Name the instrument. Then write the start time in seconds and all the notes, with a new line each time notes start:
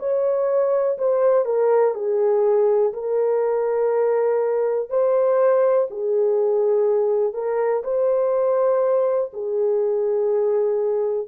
horn
0.00 C#5
0.98 C5
1.46 A#4
1.95 G#4
2.94 A#4
4.90 C5
5.91 G#4
7.34 A#4
7.84 C5
9.34 G#4